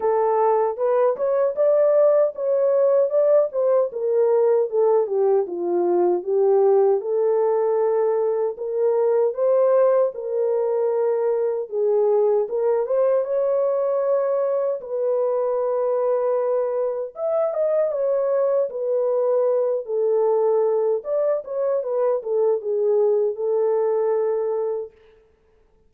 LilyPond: \new Staff \with { instrumentName = "horn" } { \time 4/4 \tempo 4 = 77 a'4 b'8 cis''8 d''4 cis''4 | d''8 c''8 ais'4 a'8 g'8 f'4 | g'4 a'2 ais'4 | c''4 ais'2 gis'4 |
ais'8 c''8 cis''2 b'4~ | b'2 e''8 dis''8 cis''4 | b'4. a'4. d''8 cis''8 | b'8 a'8 gis'4 a'2 | }